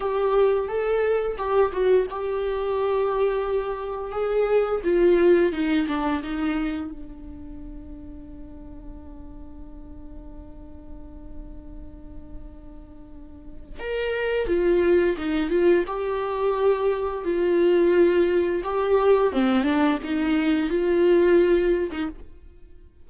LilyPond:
\new Staff \with { instrumentName = "viola" } { \time 4/4 \tempo 4 = 87 g'4 a'4 g'8 fis'8 g'4~ | g'2 gis'4 f'4 | dis'8 d'8 dis'4 d'2~ | d'1~ |
d'1 | ais'4 f'4 dis'8 f'8 g'4~ | g'4 f'2 g'4 | c'8 d'8 dis'4 f'4.~ f'16 dis'16 | }